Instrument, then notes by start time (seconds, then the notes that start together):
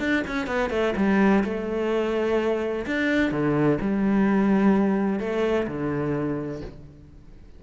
cello
0.00 D4
0.28 C#4
0.47 B3
0.71 A3
0.97 G3
1.44 A3
2.87 D4
3.32 D3
3.81 G3
5.20 A3
5.68 D3